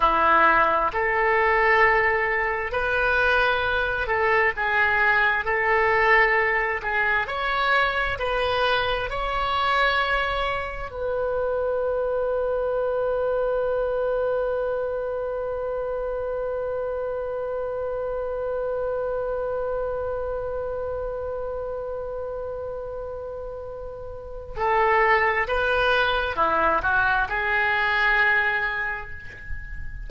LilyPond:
\new Staff \with { instrumentName = "oboe" } { \time 4/4 \tempo 4 = 66 e'4 a'2 b'4~ | b'8 a'8 gis'4 a'4. gis'8 | cis''4 b'4 cis''2 | b'1~ |
b'1~ | b'1~ | b'2. a'4 | b'4 e'8 fis'8 gis'2 | }